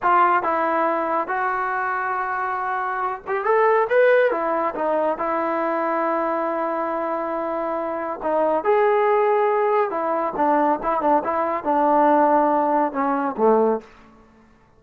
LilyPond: \new Staff \with { instrumentName = "trombone" } { \time 4/4 \tempo 4 = 139 f'4 e'2 fis'4~ | fis'2.~ fis'8 g'8 | a'4 b'4 e'4 dis'4 | e'1~ |
e'2. dis'4 | gis'2. e'4 | d'4 e'8 d'8 e'4 d'4~ | d'2 cis'4 a4 | }